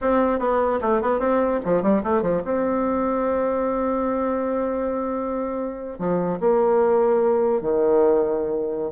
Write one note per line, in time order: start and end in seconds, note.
0.01 0.39 C4
0.39 0.79 B3
0.81 1.01 A3
1.01 1.19 B3
1.19 1.60 C4
1.65 1.82 F3
1.82 2.02 G3
2.03 2.22 A3
2.22 2.42 F3
2.44 5.98 C4
5.98 6.39 F3
6.40 7.61 A#3
7.61 8.91 D#3